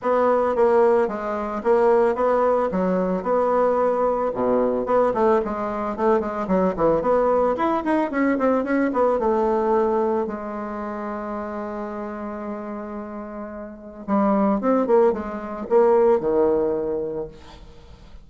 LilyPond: \new Staff \with { instrumentName = "bassoon" } { \time 4/4 \tempo 4 = 111 b4 ais4 gis4 ais4 | b4 fis4 b2 | b,4 b8 a8 gis4 a8 gis8 | fis8 e8 b4 e'8 dis'8 cis'8 c'8 |
cis'8 b8 a2 gis4~ | gis1~ | gis2 g4 c'8 ais8 | gis4 ais4 dis2 | }